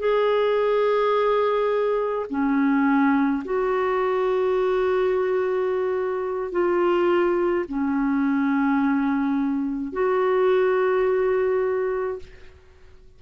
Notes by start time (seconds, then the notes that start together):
0.00 G#4
2.31 C#4
3.45 F#4
6.52 F4
7.69 C#4
9.93 F#4